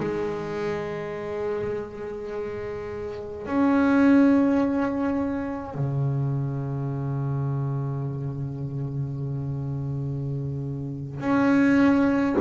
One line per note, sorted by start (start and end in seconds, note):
0.00 3.46 G#3
3.46 5.74 C#4
5.74 11.20 C#3
11.20 12.36 C#4